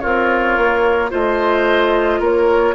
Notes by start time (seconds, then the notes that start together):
0.00 C4 F4 A#4 C#5
0.58 A#3
1.11 A3 F4 C5 D#5
2.20 A#3 A#4 C#5